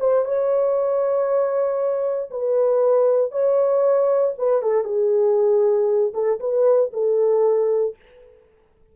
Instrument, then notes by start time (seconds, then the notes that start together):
horn
0.00 C5
0.25 C#5
2.31 B4
3.31 C#5
4.38 B4
4.62 A4
4.84 G#4
6.14 A4
6.40 B4
6.93 A4